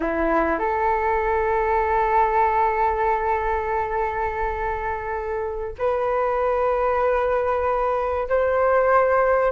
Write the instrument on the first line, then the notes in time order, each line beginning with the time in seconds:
flute
0.00 E4
0.58 A4
5.78 B4
8.28 C5